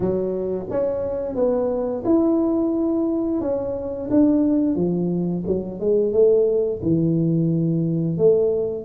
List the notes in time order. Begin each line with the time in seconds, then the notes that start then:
0.00 F#3
0.69 C#4
1.35 B3
2.04 E4
3.41 C#4
4.10 D4
4.75 F3
5.46 F#3
5.80 G#3
6.12 A3
6.82 E3
8.17 A3